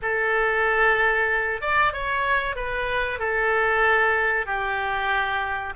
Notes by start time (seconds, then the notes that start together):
0.01 A4
1.61 D5
1.93 C#5
2.55 B4
3.19 A4
4.46 G4